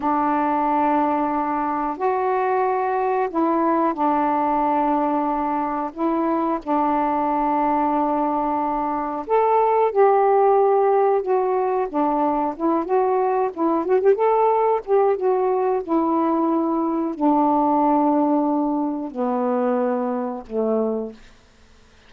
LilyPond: \new Staff \with { instrumentName = "saxophone" } { \time 4/4 \tempo 4 = 91 d'2. fis'4~ | fis'4 e'4 d'2~ | d'4 e'4 d'2~ | d'2 a'4 g'4~ |
g'4 fis'4 d'4 e'8 fis'8~ | fis'8 e'8 fis'16 g'16 a'4 g'8 fis'4 | e'2 d'2~ | d'4 b2 a4 | }